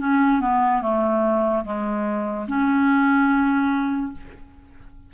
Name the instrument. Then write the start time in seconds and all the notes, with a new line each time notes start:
clarinet
0.00 C#4
0.41 B3
0.82 A3
1.65 G#3
2.48 C#4